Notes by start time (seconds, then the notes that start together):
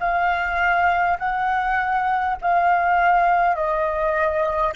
0.00 F5
1.19 F#5
2.42 F5
3.56 D#5